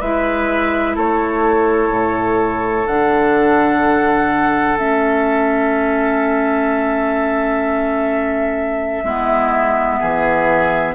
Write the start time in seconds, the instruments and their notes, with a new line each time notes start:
0.00 bassoon G#3, clarinet E4, oboe B4, flute E5
0.96 bassoon A3, oboe A4, flute C#5
1.90 bassoon A2
2.87 bassoon D3, clarinet D4, flute F#5
4.77 bassoon A3, clarinet C#4, flute E5
9.04 bassoon G#3, clarinet B3, oboe E4
10.00 bassoon E3, oboe G#4